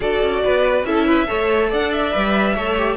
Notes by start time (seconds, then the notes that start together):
0.00 D4 F#4 A4 D5
0.21 C#4
0.44 B3 B4
0.83 C#4 E4 A4 E5
1.05 B4
1.27 A3 A4 C#5
1.69 D4 D5 F#5
1.91 E5
2.11 G3 B4
2.54 A3 A4 C#5
2.77 G4